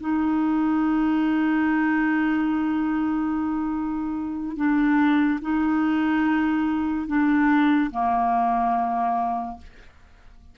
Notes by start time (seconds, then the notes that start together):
0.00 D#4
4.56 D4
5.41 D#4
7.07 D4
7.91 A#3